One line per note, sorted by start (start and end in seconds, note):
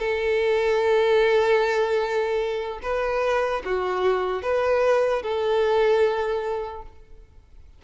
0.00 2.80 A4
2.83 3.63 B4
3.65 4.43 F#4
4.43 5.23 B4
5.23 6.83 A4